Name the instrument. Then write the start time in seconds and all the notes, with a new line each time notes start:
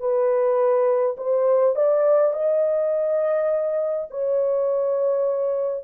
horn
0.00 B4
1.18 C5
1.76 D5
2.34 D#5
4.11 C#5